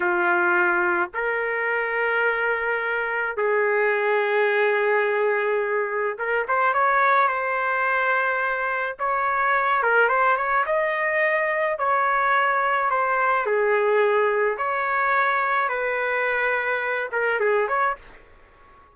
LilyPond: \new Staff \with { instrumentName = "trumpet" } { \time 4/4 \tempo 4 = 107 f'2 ais'2~ | ais'2 gis'2~ | gis'2. ais'8 c''8 | cis''4 c''2. |
cis''4. ais'8 c''8 cis''8 dis''4~ | dis''4 cis''2 c''4 | gis'2 cis''2 | b'2~ b'8 ais'8 gis'8 cis''8 | }